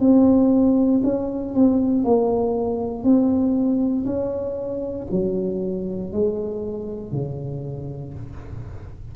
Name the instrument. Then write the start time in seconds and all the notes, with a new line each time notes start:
tuba
0.00 C4
1.04 C#4
1.54 C4
2.04 A#3
3.04 C4
4.06 C#4
5.12 F#3
6.12 G#3
7.12 C#3